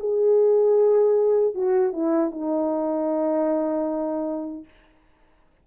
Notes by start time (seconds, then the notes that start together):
0.00 G#4
1.55 F#4
1.93 E4
2.31 D#4